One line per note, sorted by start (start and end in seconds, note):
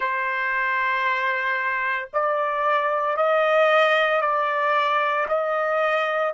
0.00 2.09 C5
2.13 3.16 D5
3.16 4.21 D#5
4.21 5.26 D5
5.28 6.33 D#5